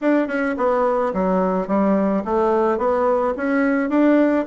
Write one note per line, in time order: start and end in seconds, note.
0.01 0.27 D4
0.27 0.55 C#4
0.57 1.12 B3
1.13 1.67 F#3
1.67 2.23 G3
2.24 2.78 A3
2.78 3.33 B3
3.36 3.89 C#4
3.89 4.45 D4